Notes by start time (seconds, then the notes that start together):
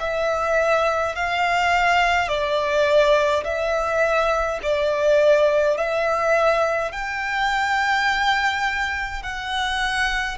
0.00 E5
1.15 F5
2.28 D5
3.44 E5
4.63 D5
5.77 E5
6.92 G5
9.23 F#5